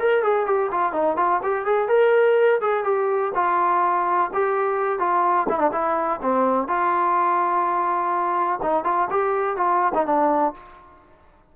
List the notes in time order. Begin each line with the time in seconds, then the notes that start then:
0.00 A#4
0.24 G#4
0.47 G4
0.72 F4
0.93 D#4
1.17 F4
1.43 G4
1.66 G#4
1.89 A#4
2.61 G#4
2.85 G4
3.35 F4
4.34 G4
4.99 F4
5.49 E4
5.59 D4
5.73 E4
6.22 C4
6.68 F4
8.63 D#4
8.85 F4
9.11 G4
9.57 F4
9.95 D#4
10.06 D4